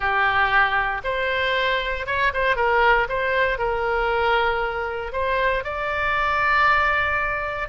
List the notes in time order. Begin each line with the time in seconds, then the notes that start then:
0.00 G4
1.03 C5
2.06 C#5
2.33 C5
2.56 A#4
3.08 C5
3.58 A#4
5.12 C5
5.64 D5